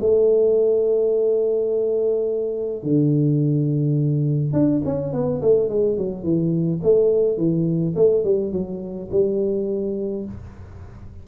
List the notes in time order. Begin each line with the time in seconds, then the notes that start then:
0.00 A3
2.83 D3
4.53 D4
4.85 C#4
5.13 B3
5.42 A3
5.69 G#3
5.97 F#3
6.23 E3
6.83 A3
7.37 E3
7.96 A3
8.24 G3
8.52 F#3
9.11 G3